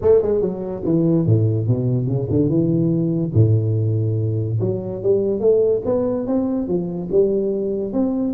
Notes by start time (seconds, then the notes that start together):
0.01 A3
0.22 G#3
0.41 F#3
0.84 E3
1.26 A2
1.67 B2
2.07 C#3
2.30 D3
2.49 E3
3.34 A2
4.60 F#3
5.02 G3
5.40 A3
5.85 B3
6.26 C4
6.67 F3
7.11 G3
7.92 C4